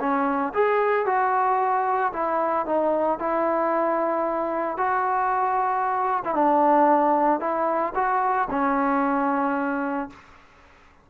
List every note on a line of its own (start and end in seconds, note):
0.00 0.53 C#4
0.54 1.06 G#4
1.06 2.12 F#4
2.13 2.66 E4
2.66 3.19 D#4
3.19 4.77 E4
4.77 6.23 F#4
6.25 6.35 E4
6.35 7.40 D4
7.40 7.94 E4
7.95 8.48 F#4
8.51 10.10 C#4